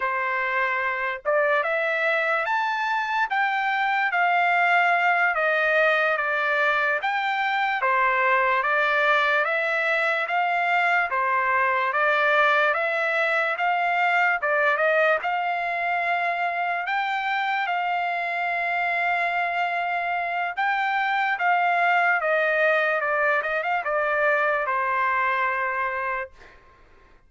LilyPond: \new Staff \with { instrumentName = "trumpet" } { \time 4/4 \tempo 4 = 73 c''4. d''8 e''4 a''4 | g''4 f''4. dis''4 d''8~ | d''8 g''4 c''4 d''4 e''8~ | e''8 f''4 c''4 d''4 e''8~ |
e''8 f''4 d''8 dis''8 f''4.~ | f''8 g''4 f''2~ f''8~ | f''4 g''4 f''4 dis''4 | d''8 dis''16 f''16 d''4 c''2 | }